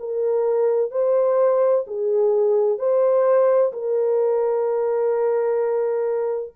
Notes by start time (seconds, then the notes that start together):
0.00 A#4
0.92 C5
1.87 G#4
2.79 C5
3.73 A#4